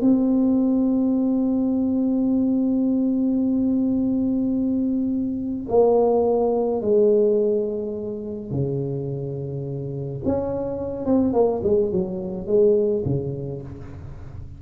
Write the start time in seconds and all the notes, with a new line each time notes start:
0.00 C4
5.68 A#3
6.81 G#3
8.50 C#3
10.25 C#4
11.05 C4
11.33 A#3
11.63 G#3
11.91 F#3
12.46 G#3
13.05 C#3